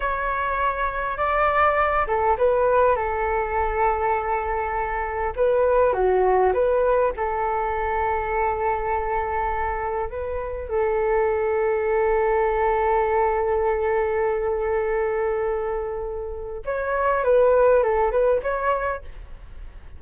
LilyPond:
\new Staff \with { instrumentName = "flute" } { \time 4/4 \tempo 4 = 101 cis''2 d''4. a'8 | b'4 a'2.~ | a'4 b'4 fis'4 b'4 | a'1~ |
a'4 b'4 a'2~ | a'1~ | a'1 | cis''4 b'4 a'8 b'8 cis''4 | }